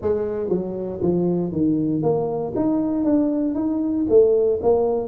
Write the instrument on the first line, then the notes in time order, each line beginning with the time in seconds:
tuba
0.01 G#3
0.49 F#3
1.01 F3
1.51 D#3
2.02 A#3
2.55 D#4
3.04 D4
3.55 D#4
4.09 A3
4.62 A#3